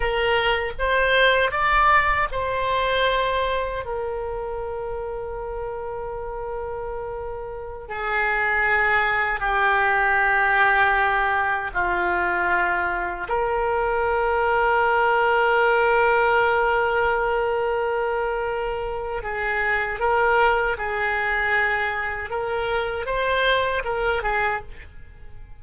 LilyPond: \new Staff \with { instrumentName = "oboe" } { \time 4/4 \tempo 4 = 78 ais'4 c''4 d''4 c''4~ | c''4 ais'2.~ | ais'2~ ais'16 gis'4.~ gis'16~ | gis'16 g'2. f'8.~ |
f'4~ f'16 ais'2~ ais'8.~ | ais'1~ | ais'4 gis'4 ais'4 gis'4~ | gis'4 ais'4 c''4 ais'8 gis'8 | }